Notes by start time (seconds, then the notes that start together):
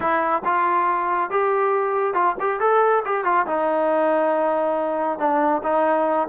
0.00 E4
0.44 F4
1.30 G4
2.14 F4
2.40 G4
2.60 A4
3.05 G4
3.24 F4
3.46 D#4
5.19 D4
5.63 D#4